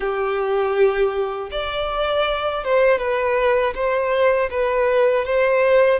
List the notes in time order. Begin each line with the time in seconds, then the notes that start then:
0.00 G4
1.51 D5
2.64 C5
2.98 B4
3.74 C5
4.50 B4
5.25 C5